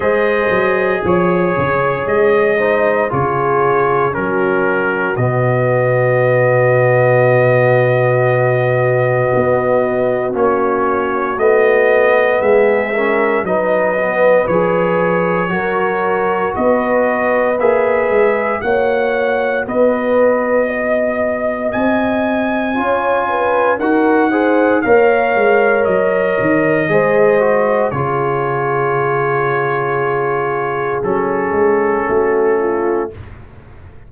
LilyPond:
<<
  \new Staff \with { instrumentName = "trumpet" } { \time 4/4 \tempo 4 = 58 dis''4 cis''4 dis''4 cis''4 | ais'4 dis''2.~ | dis''2 cis''4 dis''4 | e''4 dis''4 cis''2 |
dis''4 e''4 fis''4 dis''4~ | dis''4 gis''2 fis''4 | f''4 dis''2 cis''4~ | cis''2 a'2 | }
  \new Staff \with { instrumentName = "horn" } { \time 4/4 c''4 cis''4. c''8 gis'4 | fis'1~ | fis'1 | gis'8 ais'8 b'2 ais'4 |
b'2 cis''4 b'4 | dis''2 cis''8 b'8 ais'8 c''8 | cis''2 c''4 gis'4~ | gis'2. fis'8 f'8 | }
  \new Staff \with { instrumentName = "trombone" } { \time 4/4 gis'2~ gis'8 dis'8 f'4 | cis'4 b2.~ | b2 cis'4 b4~ | b8 cis'8 dis'8 b8 gis'4 fis'4~ |
fis'4 gis'4 fis'2~ | fis'2 f'4 fis'8 gis'8 | ais'2 gis'8 fis'8 f'4~ | f'2 cis'2 | }
  \new Staff \with { instrumentName = "tuba" } { \time 4/4 gis8 fis8 f8 cis8 gis4 cis4 | fis4 b,2.~ | b,4 b4 ais4 a4 | gis4 fis4 f4 fis4 |
b4 ais8 gis8 ais4 b4~ | b4 c'4 cis'4 dis'4 | ais8 gis8 fis8 dis8 gis4 cis4~ | cis2 fis8 gis8 a4 | }
>>